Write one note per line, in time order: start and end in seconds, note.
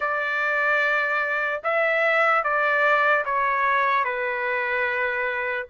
0.00 1.61 D5
1.63 2.43 E5
2.43 3.24 D5
3.25 4.04 C#5
4.04 5.66 B4